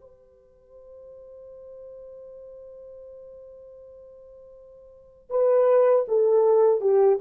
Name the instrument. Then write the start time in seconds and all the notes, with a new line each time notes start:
horn
0.00 C5
5.30 B4
6.08 A4
6.80 G4